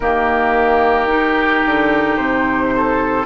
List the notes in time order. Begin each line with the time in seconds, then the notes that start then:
0.00 D#3 A#3 G4 A#4
1.07 D#4
1.65 D3
2.16 C3 C5
2.76 A4